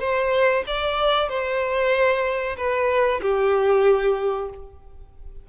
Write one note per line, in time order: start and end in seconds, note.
0.00 0.64 C5
0.67 1.29 D5
1.29 2.56 C5
2.57 3.21 B4
3.21 4.49 G4